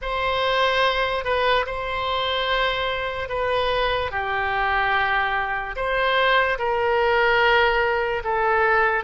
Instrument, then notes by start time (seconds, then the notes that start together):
oboe
0.01 C5
1.24 B4
1.66 C5
3.29 B4
4.11 G4
5.75 C5
6.58 A#4
8.23 A4